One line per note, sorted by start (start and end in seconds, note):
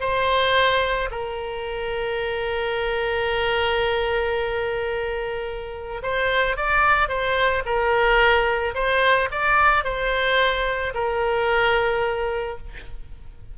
0.00 1.09 C5
1.11 6.01 A#4
6.02 6.56 C5
6.56 7.08 D5
7.08 7.63 C5
7.65 8.74 A#4
8.74 9.29 C5
9.31 9.84 D5
9.84 10.93 C5
10.94 12.58 A#4